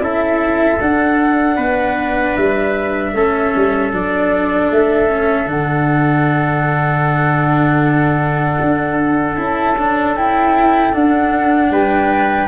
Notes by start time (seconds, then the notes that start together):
0.00 C#4 E4 A4 E5
0.81 D4 F#5
1.56 B3 B4
2.36 G3 E5
3.13 A3 C#4 A4
3.56 G3
3.92 F#3 D4 D5
4.71 A3 E5
5.09 C#4
5.46 D3 D4 F#5
8.60 D4
9.36 C#4 E4 A5
9.78 D4
10.16 E4 G5
10.93 D4 F#5
11.71 G3 B4 G5